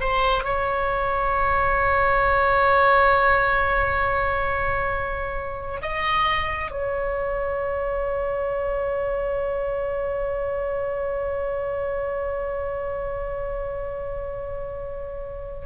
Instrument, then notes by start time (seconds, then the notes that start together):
oboe
0.00 C5
0.44 C#5
5.81 D#5
6.71 C#5